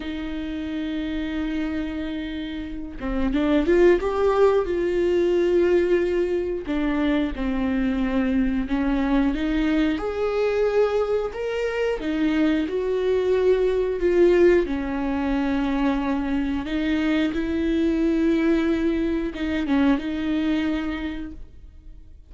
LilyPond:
\new Staff \with { instrumentName = "viola" } { \time 4/4 \tempo 4 = 90 dis'1~ | dis'8 c'8 d'8 f'8 g'4 f'4~ | f'2 d'4 c'4~ | c'4 cis'4 dis'4 gis'4~ |
gis'4 ais'4 dis'4 fis'4~ | fis'4 f'4 cis'2~ | cis'4 dis'4 e'2~ | e'4 dis'8 cis'8 dis'2 | }